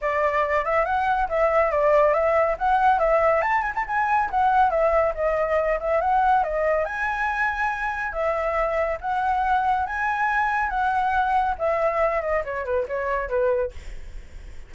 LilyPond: \new Staff \with { instrumentName = "flute" } { \time 4/4 \tempo 4 = 140 d''4. e''8 fis''4 e''4 | d''4 e''4 fis''4 e''4 | a''8 gis''16 a''16 gis''4 fis''4 e''4 | dis''4. e''8 fis''4 dis''4 |
gis''2. e''4~ | e''4 fis''2 gis''4~ | gis''4 fis''2 e''4~ | e''8 dis''8 cis''8 b'8 cis''4 b'4 | }